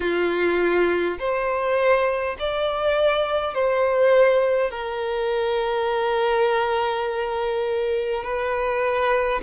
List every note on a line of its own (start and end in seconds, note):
0.00 1.18 F4
1.19 2.36 C5
2.39 3.54 D5
3.54 4.71 C5
4.71 8.24 A#4
8.24 9.41 B4